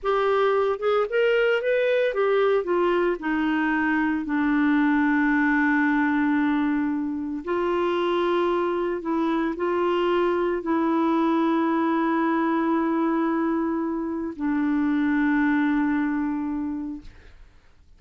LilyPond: \new Staff \with { instrumentName = "clarinet" } { \time 4/4 \tempo 4 = 113 g'4. gis'8 ais'4 b'4 | g'4 f'4 dis'2 | d'1~ | d'2 f'2~ |
f'4 e'4 f'2 | e'1~ | e'2. d'4~ | d'1 | }